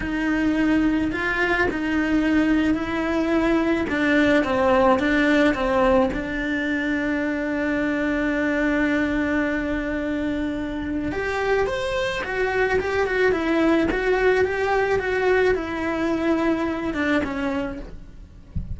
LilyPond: \new Staff \with { instrumentName = "cello" } { \time 4/4 \tempo 4 = 108 dis'2 f'4 dis'4~ | dis'4 e'2 d'4 | c'4 d'4 c'4 d'4~ | d'1~ |
d'1 | g'4 c''4 fis'4 g'8 fis'8 | e'4 fis'4 g'4 fis'4 | e'2~ e'8 d'8 cis'4 | }